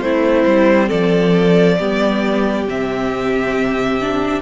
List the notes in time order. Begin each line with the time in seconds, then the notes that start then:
0.00 A3 C4 E4 C5
0.46 G3
0.88 F3 A4 D5
1.78 G3 B3 G4
2.67 C3 C4 E5
4.01 D4